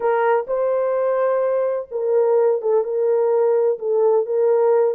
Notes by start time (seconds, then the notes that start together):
0.00 A#4
0.47 C5
1.91 A#4
2.61 A4
2.83 A#4
3.78 A4
4.26 A#4